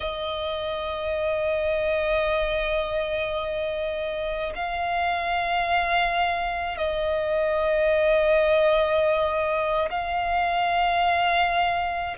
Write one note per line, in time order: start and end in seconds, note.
0.00 4.53 D#5
4.55 6.77 F5
6.77 9.89 D#5
9.90 12.16 F5